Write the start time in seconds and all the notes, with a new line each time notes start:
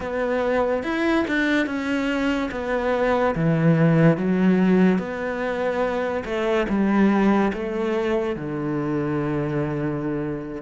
0.00 B3
0.83 E4
1.27 D4
1.66 C#4
2.51 B3
3.35 E3
4.17 F#3
4.98 B3
6.25 A3
6.68 G3
7.53 A3
8.36 D3